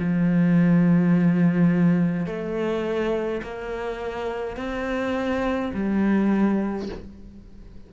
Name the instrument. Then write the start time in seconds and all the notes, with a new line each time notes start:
cello
0.00 F3
2.27 A3
3.43 A#3
4.57 C4
5.74 G3